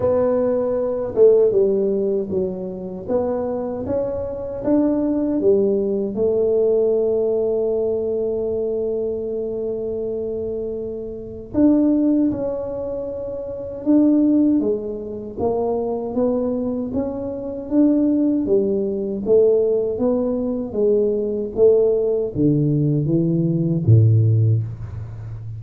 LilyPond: \new Staff \with { instrumentName = "tuba" } { \time 4/4 \tempo 4 = 78 b4. a8 g4 fis4 | b4 cis'4 d'4 g4 | a1~ | a2. d'4 |
cis'2 d'4 gis4 | ais4 b4 cis'4 d'4 | g4 a4 b4 gis4 | a4 d4 e4 a,4 | }